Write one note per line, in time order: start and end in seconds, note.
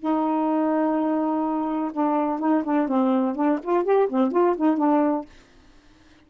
0.00 1.92 D#4
1.93 2.39 D4
2.39 2.63 D#4
2.64 2.88 D4
2.88 3.35 C4
3.35 3.59 D4
3.63 3.84 F4
3.84 4.08 G4
4.09 4.32 C4
4.32 4.56 F4
4.57 4.78 D#4
4.78 5.26 D4